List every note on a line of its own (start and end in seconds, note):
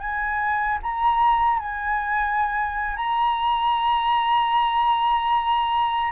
0.00 0.79 G#5
0.83 1.59 A#5
1.59 2.96 G#5
2.96 6.11 A#5